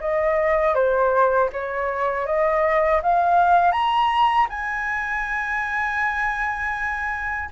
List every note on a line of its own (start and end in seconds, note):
0.00 0.74 D#5
0.74 1.49 C5
1.53 2.26 C#5
2.26 3.01 D#5
3.03 3.72 F5
3.72 4.47 A#5
4.49 7.49 G#5